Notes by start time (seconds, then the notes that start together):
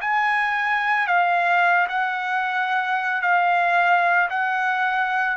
0.00 G#5
1.07 F5
1.88 F#5
3.21 F5
4.30 F#5